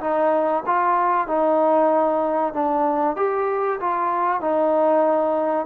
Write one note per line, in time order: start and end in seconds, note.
0.00 0.63 D#4
0.66 1.27 F4
1.27 2.53 D#4
2.53 3.16 D4
3.16 3.79 G4
3.80 4.40 F4
4.40 5.66 D#4